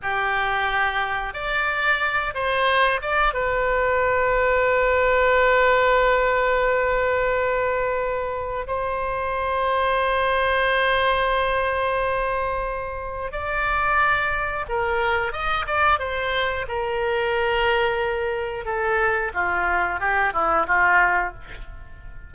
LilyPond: \new Staff \with { instrumentName = "oboe" } { \time 4/4 \tempo 4 = 90 g'2 d''4. c''8~ | c''8 d''8 b'2.~ | b'1~ | b'4 c''2.~ |
c''1 | d''2 ais'4 dis''8 d''8 | c''4 ais'2. | a'4 f'4 g'8 e'8 f'4 | }